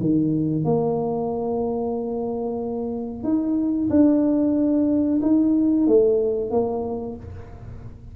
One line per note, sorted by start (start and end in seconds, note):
0.00 0.64 D#3
0.64 3.23 A#3
3.23 3.88 D#4
3.90 5.20 D4
5.21 5.87 D#4
5.87 6.50 A3
6.50 7.16 A#3